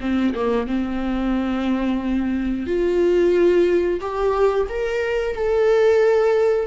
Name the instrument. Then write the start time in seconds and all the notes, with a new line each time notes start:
viola
0.00 C4
0.34 A#3
0.66 C4
2.66 F4
4.00 G4
4.69 A#4
5.35 A4